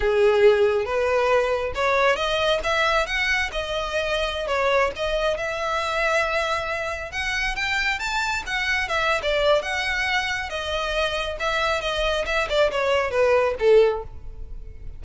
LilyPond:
\new Staff \with { instrumentName = "violin" } { \time 4/4 \tempo 4 = 137 gis'2 b'2 | cis''4 dis''4 e''4 fis''4 | dis''2~ dis''16 cis''4 dis''8.~ | dis''16 e''2.~ e''8.~ |
e''16 fis''4 g''4 a''4 fis''8.~ | fis''16 e''8. d''4 fis''2 | dis''2 e''4 dis''4 | e''8 d''8 cis''4 b'4 a'4 | }